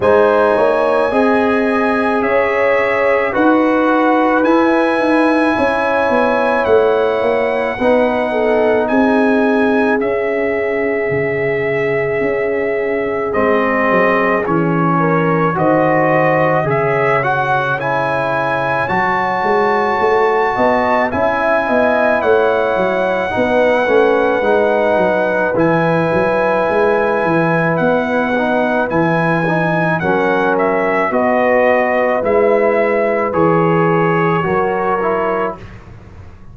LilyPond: <<
  \new Staff \with { instrumentName = "trumpet" } { \time 4/4 \tempo 4 = 54 gis''2 e''4 fis''4 | gis''2 fis''2 | gis''4 e''2. | dis''4 cis''4 dis''4 e''8 fis''8 |
gis''4 a''2 gis''4 | fis''2. gis''4~ | gis''4 fis''4 gis''4 fis''8 e''8 | dis''4 e''4 cis''2 | }
  \new Staff \with { instrumentName = "horn" } { \time 4/4 c''8 cis''8 dis''4 cis''4 b'4~ | b'4 cis''2 b'8 a'8 | gis'1~ | gis'4. ais'8 c''4 cis''4~ |
cis''2~ cis''8 dis''8 e''8 dis''8 | cis''4 b'2.~ | b'2. ais'4 | b'2. ais'4 | }
  \new Staff \with { instrumentName = "trombone" } { \time 4/4 dis'4 gis'2 fis'4 | e'2. dis'4~ | dis'4 cis'2. | c'4 cis'4 fis'4 gis'8 fis'8 |
e'4 fis'2 e'4~ | e'4 dis'8 cis'8 dis'4 e'4~ | e'4. dis'8 e'8 dis'8 cis'4 | fis'4 e'4 gis'4 fis'8 e'8 | }
  \new Staff \with { instrumentName = "tuba" } { \time 4/4 gis8 ais8 c'4 cis'4 dis'4 | e'8 dis'8 cis'8 b8 a8 ais8 b4 | c'4 cis'4 cis4 cis'4 | gis8 fis8 e4 dis4 cis4~ |
cis4 fis8 gis8 a8 b8 cis'8 b8 | a8 fis8 b8 a8 gis8 fis8 e8 fis8 | gis8 e8 b4 e4 fis4 | b4 gis4 e4 fis4 | }
>>